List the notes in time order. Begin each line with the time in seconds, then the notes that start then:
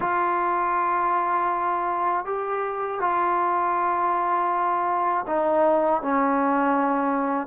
0.00 F4
2.25 G4
3.00 F4
5.26 D#4
6.01 C#4